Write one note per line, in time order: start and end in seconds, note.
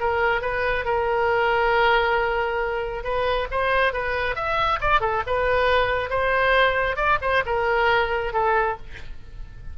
0.00 0.41 A#4
0.41 0.85 B4
0.85 3.04 A#4
3.04 3.48 B4
3.51 3.93 C5
3.93 4.36 B4
4.36 4.79 E5
4.81 5.01 D5
5.01 5.23 A4
5.27 6.10 B4
6.10 6.96 C5
6.96 7.18 D5
7.22 7.44 C5
7.46 8.33 A#4
8.33 8.77 A4